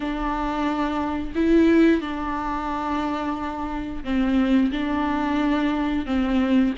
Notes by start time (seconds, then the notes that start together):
0.00 D4
1.35 E4
2.01 D4
4.04 C4
4.71 D4
6.06 C4